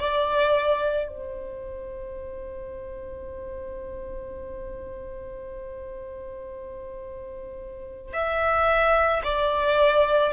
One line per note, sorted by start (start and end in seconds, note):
0.00 1.08 D5
1.08 8.13 C5
8.13 9.22 E5
9.24 10.33 D5